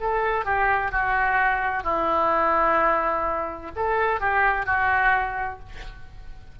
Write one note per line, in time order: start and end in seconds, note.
0.00 0.45 A4
0.45 0.91 G4
0.91 1.83 F#4
1.83 3.71 E4
3.75 4.20 A4
4.20 4.65 G4
4.65 5.59 F#4